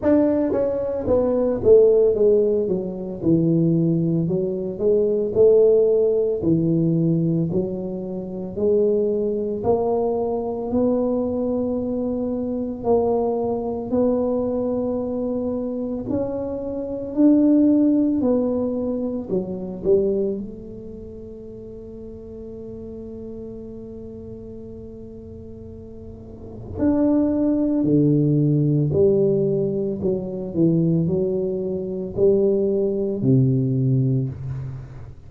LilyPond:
\new Staff \with { instrumentName = "tuba" } { \time 4/4 \tempo 4 = 56 d'8 cis'8 b8 a8 gis8 fis8 e4 | fis8 gis8 a4 e4 fis4 | gis4 ais4 b2 | ais4 b2 cis'4 |
d'4 b4 fis8 g8 a4~ | a1~ | a4 d'4 d4 g4 | fis8 e8 fis4 g4 c4 | }